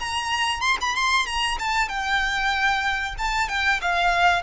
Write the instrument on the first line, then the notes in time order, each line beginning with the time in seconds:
violin
0.00 A#5
0.61 C6
0.81 B5
0.96 C6
1.26 A#5
1.59 A5
1.89 G5
3.18 A5
3.49 G5
3.82 F5